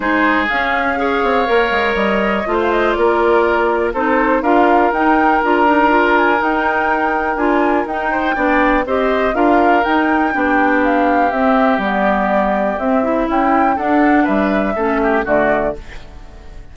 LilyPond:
<<
  \new Staff \with { instrumentName = "flute" } { \time 4/4 \tempo 4 = 122 c''4 f''2. | dis''4~ dis''16 f''16 dis''8 d''2 | c''4 f''4 g''4 ais''4~ | ais''8 gis''8 g''2 gis''4 |
g''2 dis''4 f''4 | g''2 f''4 e''4 | d''2 e''4 g''4 | fis''4 e''2 d''4 | }
  \new Staff \with { instrumentName = "oboe" } { \time 4/4 gis'2 cis''2~ | cis''4 c''4 ais'2 | a'4 ais'2.~ | ais'1~ |
ais'8 c''8 d''4 c''4 ais'4~ | ais'4 g'2.~ | g'2. e'4 | a'4 b'4 a'8 g'8 fis'4 | }
  \new Staff \with { instrumentName = "clarinet" } { \time 4/4 dis'4 cis'4 gis'4 ais'4~ | ais'4 f'2. | dis'4 f'4 dis'4 f'8 dis'8 | f'4 dis'2 f'4 |
dis'4 d'4 g'4 f'4 | dis'4 d'2 c'4 | b2 c'8 e'4. | d'2 cis'4 a4 | }
  \new Staff \with { instrumentName = "bassoon" } { \time 4/4 gis4 cis'4. c'8 ais8 gis8 | g4 a4 ais2 | c'4 d'4 dis'4 d'4~ | d'4 dis'2 d'4 |
dis'4 b4 c'4 d'4 | dis'4 b2 c'4 | g2 c'4 cis'4 | d'4 g4 a4 d4 | }
>>